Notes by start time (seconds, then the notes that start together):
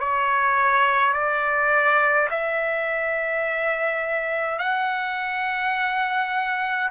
0.00 C#5
1.13 D5
2.31 E5
4.59 F#5